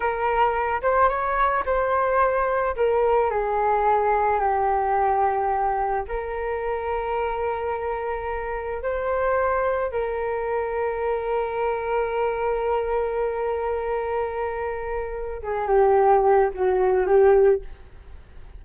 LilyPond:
\new Staff \with { instrumentName = "flute" } { \time 4/4 \tempo 4 = 109 ais'4. c''8 cis''4 c''4~ | c''4 ais'4 gis'2 | g'2. ais'4~ | ais'1 |
c''2 ais'2~ | ais'1~ | ais'1 | gis'8 g'4. fis'4 g'4 | }